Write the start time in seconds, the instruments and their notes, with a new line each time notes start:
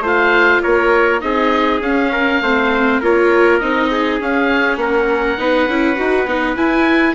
0.00 bassoon A3, viola F4, trumpet C5
0.07 oboe F5
0.63 bassoon A#3, trumpet A#4, oboe C#5
1.21 bassoon C4, viola D#4, trumpet G#4, oboe D#5
1.81 bassoon C#4, viola C#4, oboe F5
2.12 trumpet A#4
2.41 bassoon A3, viola C4, trumpet C5
3.00 bassoon A#3, viola F4, trumpet A#4, oboe C#5
3.59 bassoon C4, viola D#4, oboe D#5
3.91 trumpet G#4
4.20 viola C#4, bassoon C#4, oboe F5
4.76 bassoon A#3, trumpet A#4, oboe F#5
5.38 bassoon B3, viola D#4, trumpet B4
5.68 bassoon C#4, viola E4
5.96 bassoon D#4, viola F#4
6.26 bassoon B3, viola D#4
6.56 viola E4, bassoon E4, oboe G#5